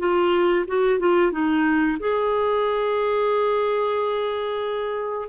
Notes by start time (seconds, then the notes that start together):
0.00 F4
0.68 F#4
1.00 F4
1.32 D#4
2.00 G#4